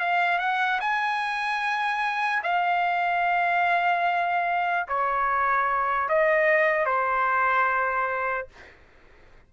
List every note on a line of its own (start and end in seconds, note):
0.00 0.39 F5
0.39 0.80 F#5
0.81 2.43 G#5
2.44 4.87 F5
4.89 6.09 C#5
6.09 6.86 D#5
6.86 8.48 C5